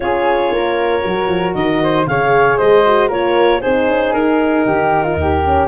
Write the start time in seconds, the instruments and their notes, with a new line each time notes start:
0.00 tuba C#4, horn F4, flute G#4, clarinet C#5
0.51 tuba A#3, flute A#4
1.02 tuba F#3, horn F#4
1.28 tuba F3
1.54 tuba D#3, clarinet D#5
1.83 flute C5
2.06 tuba C#3, horn G#4, flute C#5, clarinet F5
2.57 tuba G#3, flute C5, clarinet D#5
2.86 horn F#4
3.08 tuba A#3, horn F4, flute A#4, clarinet C#5
3.61 tuba C4, horn D#4, flute G#4, clarinet C5
3.87 tuba C#4
4.13 tuba D#4, clarinet A#4
4.65 tuba D#3, flute G4
5.03 flute F4
5.15 tuba D#2, flute G4
5.44 horn C#4